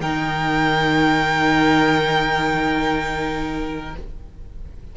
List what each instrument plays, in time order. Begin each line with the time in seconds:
0.00 cello D#3, viola D#4, violin A#4 G5